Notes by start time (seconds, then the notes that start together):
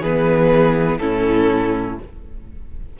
0.00 E3 B3 G#4 B4
0.98 A2 C#4 E4 A4